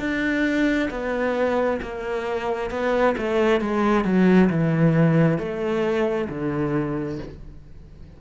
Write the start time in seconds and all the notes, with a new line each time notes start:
0.00 D4
0.91 B3
1.82 A#3
2.71 B3
3.18 A3
3.61 G#3
4.05 F#3
4.50 E3
5.39 A3
6.30 D3